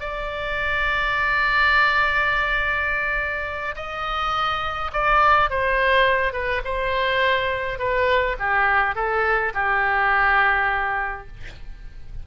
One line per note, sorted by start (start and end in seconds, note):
0.00 3.75 D5
3.76 4.91 D#5
4.93 5.50 D5
5.50 6.33 C5
6.33 6.62 B4
6.64 7.79 C5
7.79 8.37 B4
8.39 8.95 G4
8.95 9.53 A4
9.54 11.27 G4